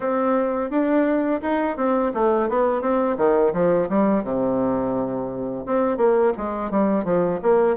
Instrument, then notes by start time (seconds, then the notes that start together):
bassoon
0.00 C4
0.70 D4
1.42 D#4
1.76 C4
2.14 A3
2.49 B3
2.81 C4
3.17 D#3
3.53 F3
3.89 G3
4.23 C3
5.66 C4
5.97 A#3
6.37 G#3
6.71 G3
7.04 F3
7.42 A#3